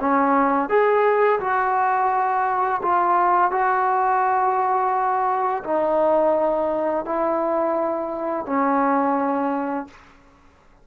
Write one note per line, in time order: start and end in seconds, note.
0.00 0.69 C#4
0.69 1.40 G#4
1.40 2.81 F#4
2.83 3.51 F4
3.51 5.63 F#4
5.64 7.05 D#4
7.05 8.46 E4
8.46 9.87 C#4